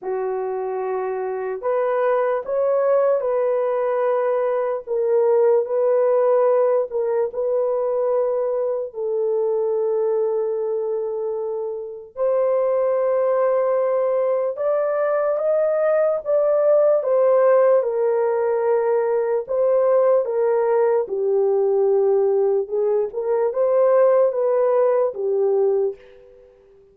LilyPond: \new Staff \with { instrumentName = "horn" } { \time 4/4 \tempo 4 = 74 fis'2 b'4 cis''4 | b'2 ais'4 b'4~ | b'8 ais'8 b'2 a'4~ | a'2. c''4~ |
c''2 d''4 dis''4 | d''4 c''4 ais'2 | c''4 ais'4 g'2 | gis'8 ais'8 c''4 b'4 g'4 | }